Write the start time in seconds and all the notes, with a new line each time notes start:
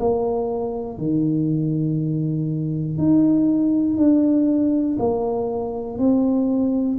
0.00 A#3
0.99 D#3
2.98 D#4
3.98 D4
4.99 A#3
5.99 C4